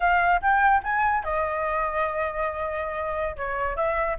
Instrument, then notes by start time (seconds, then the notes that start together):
flute
0.00 F5
0.41 G5
0.83 G#5
1.24 D#5
3.36 C#5
3.76 E5